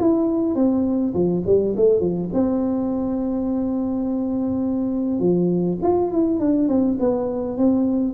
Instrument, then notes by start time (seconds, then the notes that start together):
tuba
0.00 E4
0.56 C4
1.14 F3
1.46 G3
1.77 A3
2.00 F3
2.34 C4
5.20 F3
5.83 F4
6.12 E4
6.40 D4
6.69 C4
7.00 B3
7.58 C4